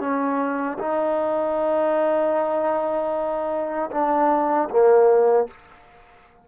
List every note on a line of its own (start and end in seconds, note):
0.00 0.78 C#4
0.79 3.90 D#4
3.91 4.69 D4
4.70 5.48 A#3